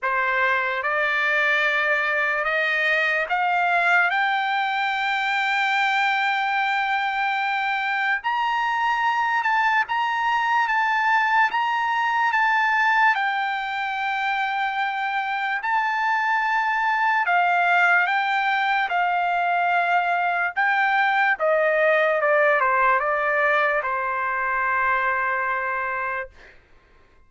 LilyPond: \new Staff \with { instrumentName = "trumpet" } { \time 4/4 \tempo 4 = 73 c''4 d''2 dis''4 | f''4 g''2.~ | g''2 ais''4. a''8 | ais''4 a''4 ais''4 a''4 |
g''2. a''4~ | a''4 f''4 g''4 f''4~ | f''4 g''4 dis''4 d''8 c''8 | d''4 c''2. | }